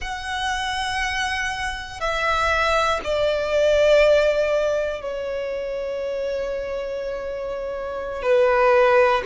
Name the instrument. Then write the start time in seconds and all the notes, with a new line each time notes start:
violin
0.01 F#5
2.00 E5
3.04 D5
5.00 C#5
8.22 B4